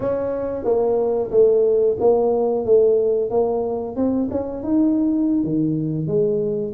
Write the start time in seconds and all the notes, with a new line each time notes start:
0.00 C#4
0.64 A#3
1.30 A3
1.99 A#3
2.65 A3
3.30 A#3
3.96 C4
4.30 C#4
4.63 D#4
5.43 D#3
6.07 G#3